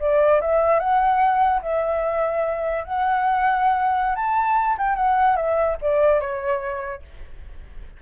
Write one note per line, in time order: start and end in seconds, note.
0.00 0.41 D5
0.41 0.80 E5
0.80 1.61 F#5
1.62 2.85 E5
2.85 4.16 F#5
4.16 4.77 A5
4.78 4.96 G5
4.96 5.36 F#5
5.36 5.77 E5
5.82 6.21 D5
6.21 7.02 C#5